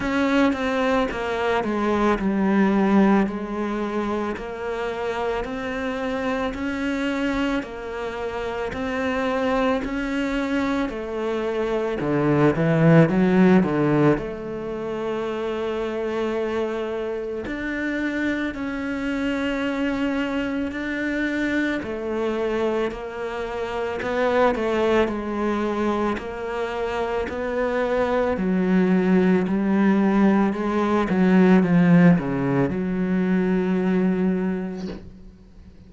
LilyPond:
\new Staff \with { instrumentName = "cello" } { \time 4/4 \tempo 4 = 55 cis'8 c'8 ais8 gis8 g4 gis4 | ais4 c'4 cis'4 ais4 | c'4 cis'4 a4 d8 e8 | fis8 d8 a2. |
d'4 cis'2 d'4 | a4 ais4 b8 a8 gis4 | ais4 b4 fis4 g4 | gis8 fis8 f8 cis8 fis2 | }